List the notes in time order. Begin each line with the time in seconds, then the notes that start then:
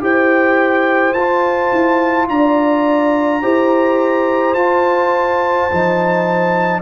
0.00 E4 G4 C5 G5
1.14 F4 A5
1.72 E4
2.29 D4 D5 A#5
3.42 E4 G4 C5
4.54 F4 A5
5.71 F3 D#4